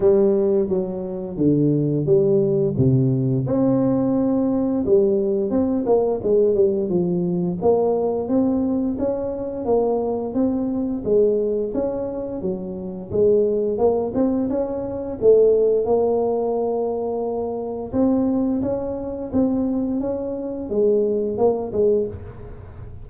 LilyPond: \new Staff \with { instrumentName = "tuba" } { \time 4/4 \tempo 4 = 87 g4 fis4 d4 g4 | c4 c'2 g4 | c'8 ais8 gis8 g8 f4 ais4 | c'4 cis'4 ais4 c'4 |
gis4 cis'4 fis4 gis4 | ais8 c'8 cis'4 a4 ais4~ | ais2 c'4 cis'4 | c'4 cis'4 gis4 ais8 gis8 | }